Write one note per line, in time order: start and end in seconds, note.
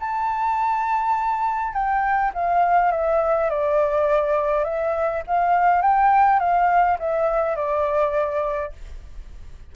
0.00 1.73 A5
1.73 2.32 G5
2.34 2.92 F5
2.92 3.50 E5
3.50 4.65 D5
4.65 5.23 E5
5.27 5.82 F5
5.82 6.40 G5
6.40 6.98 F5
6.99 7.56 E5
7.56 8.72 D5